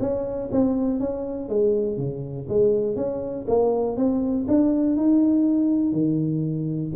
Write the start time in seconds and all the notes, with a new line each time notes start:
0.00 C#4
0.52 C4
1.00 C#4
1.49 G#3
1.98 C#3
2.49 G#3
2.96 C#4
3.48 A#3
3.97 C4
4.49 D4
4.97 D#4
5.93 D#3